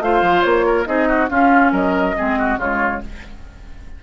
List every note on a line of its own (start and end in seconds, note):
0.00 0.21 A3
0.00 0.85 F4
0.00 0.66 C5
0.00 0.42 F5
0.22 0.43 F3
0.42 0.87 A#3
0.42 0.85 C#5
0.66 0.88 A#4
0.85 1.30 C4
0.85 1.28 D#4
0.85 1.08 G#4
0.85 1.28 D#5
1.08 1.30 F#4
1.29 2.16 C#4
1.29 1.72 C#4
1.29 1.72 F4
1.29 1.72 F5
1.72 2.15 F#3
1.72 2.15 A#4
1.72 2.60 D#5
2.16 2.56 G#3
2.16 2.59 C4
2.16 2.39 G#4
2.39 2.59 F#4
2.56 2.99 C#3
2.56 3.02 G#3
2.56 3.02 F4
2.56 3.04 C#5